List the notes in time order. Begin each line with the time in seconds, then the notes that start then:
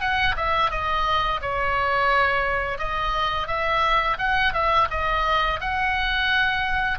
0.00 F#5
0.36 E5
0.71 D#5
1.41 C#5
2.78 D#5
3.47 E5
4.18 F#5
4.53 E5
4.90 D#5
5.60 F#5